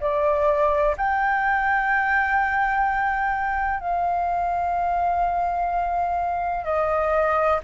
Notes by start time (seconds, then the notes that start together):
0.00 D5
0.97 G5
3.80 F5
6.64 D#5